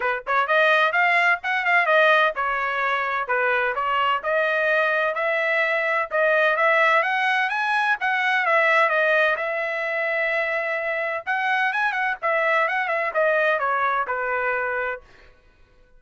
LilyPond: \new Staff \with { instrumentName = "trumpet" } { \time 4/4 \tempo 4 = 128 b'8 cis''8 dis''4 f''4 fis''8 f''8 | dis''4 cis''2 b'4 | cis''4 dis''2 e''4~ | e''4 dis''4 e''4 fis''4 |
gis''4 fis''4 e''4 dis''4 | e''1 | fis''4 gis''8 fis''8 e''4 fis''8 e''8 | dis''4 cis''4 b'2 | }